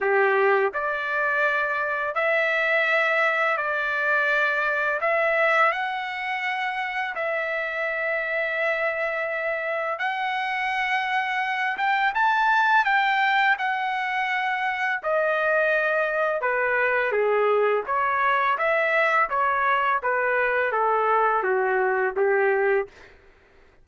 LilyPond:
\new Staff \with { instrumentName = "trumpet" } { \time 4/4 \tempo 4 = 84 g'4 d''2 e''4~ | e''4 d''2 e''4 | fis''2 e''2~ | e''2 fis''2~ |
fis''8 g''8 a''4 g''4 fis''4~ | fis''4 dis''2 b'4 | gis'4 cis''4 e''4 cis''4 | b'4 a'4 fis'4 g'4 | }